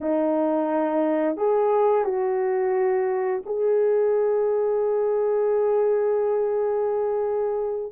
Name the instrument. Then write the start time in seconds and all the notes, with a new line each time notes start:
horn
0.00 D#4
1.36 G#4
2.04 F#4
3.45 G#4